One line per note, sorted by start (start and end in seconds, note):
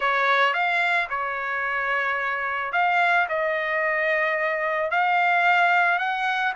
0.00 0.53 C#5
0.53 1.08 F5
1.09 2.72 C#5
2.72 3.27 F5
3.29 4.90 D#5
4.90 5.99 F5
5.99 6.53 F#5